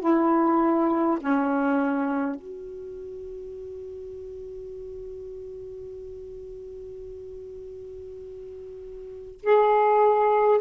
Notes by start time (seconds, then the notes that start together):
0.00 E4
1.20 C#4
2.35 F#4
9.43 G#4